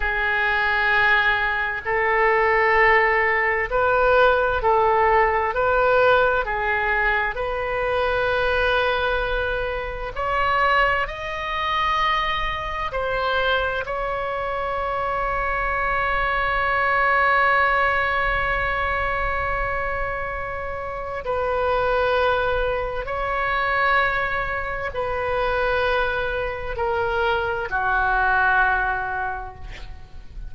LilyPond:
\new Staff \with { instrumentName = "oboe" } { \time 4/4 \tempo 4 = 65 gis'2 a'2 | b'4 a'4 b'4 gis'4 | b'2. cis''4 | dis''2 c''4 cis''4~ |
cis''1~ | cis''2. b'4~ | b'4 cis''2 b'4~ | b'4 ais'4 fis'2 | }